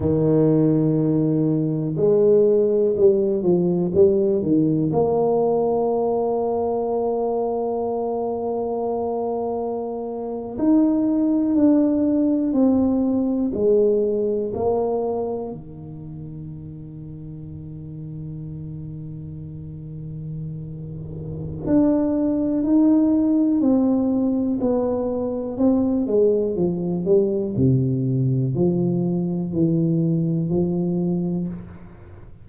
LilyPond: \new Staff \with { instrumentName = "tuba" } { \time 4/4 \tempo 4 = 61 dis2 gis4 g8 f8 | g8 dis8 ais2.~ | ais2~ ais8. dis'4 d'16~ | d'8. c'4 gis4 ais4 dis16~ |
dis1~ | dis2 d'4 dis'4 | c'4 b4 c'8 gis8 f8 g8 | c4 f4 e4 f4 | }